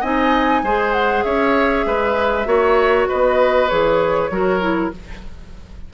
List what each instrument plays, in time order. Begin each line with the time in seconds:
0.00 bassoon C4, clarinet D#4, oboe D#5, flute G#5
0.63 bassoon G#3, clarinet G#4, oboe C5
0.92 flute F#5
1.23 bassoon C#4, oboe C#5, flute E5
1.85 bassoon G#3, oboe B4
2.45 bassoon A#3, clarinet F#4, oboe C#5
3.08 bassoon B3, oboe B4, flute D#5
3.68 bassoon E3, clarinet G#4, flute C#5
4.30 bassoon F#3, clarinet F#4, oboe A#4
4.60 clarinet E4